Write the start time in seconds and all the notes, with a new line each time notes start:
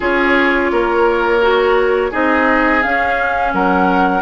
0.00 C#4 F4 G#4 C#5
0.71 A#3 A#4
1.41 F#4
2.10 C4 D#4 G#4 D#5
2.82 C#4 F5
3.53 F#3 A#4 F#5